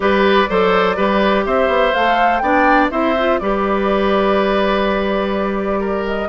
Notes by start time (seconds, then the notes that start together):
0.00 G3 G4 B4 D5
0.49 F#3 A4 C5
0.96 G3 G4 B4
1.45 C4 C5 E5
1.67 B3
1.94 A3 A4 F5
2.38 B3 D4 D5 G5
2.90 C4 E4 C5 E5
3.18 F4
3.38 G3 G4 B4 D5
5.80 A#4
6.06 D#5